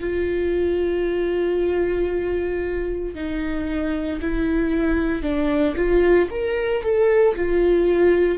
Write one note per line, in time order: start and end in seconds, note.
0.00 3.15 F4
3.15 4.20 D#4
4.22 5.22 E4
5.22 5.75 D4
5.76 6.29 F4
6.30 6.83 A#4
6.83 7.35 A4
7.36 8.38 F4